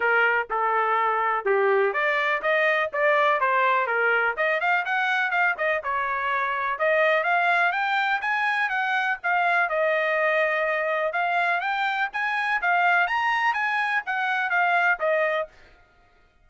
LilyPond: \new Staff \with { instrumentName = "trumpet" } { \time 4/4 \tempo 4 = 124 ais'4 a'2 g'4 | d''4 dis''4 d''4 c''4 | ais'4 dis''8 f''8 fis''4 f''8 dis''8 | cis''2 dis''4 f''4 |
g''4 gis''4 fis''4 f''4 | dis''2. f''4 | g''4 gis''4 f''4 ais''4 | gis''4 fis''4 f''4 dis''4 | }